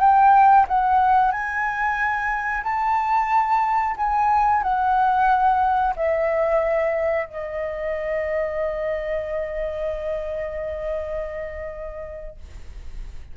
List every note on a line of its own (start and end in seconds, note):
0.00 0.66 G5
0.68 1.32 F#5
1.32 2.63 G#5
2.64 3.96 A5
3.97 4.63 G#5
4.63 5.95 F#5
5.96 7.26 E5
7.26 12.37 D#5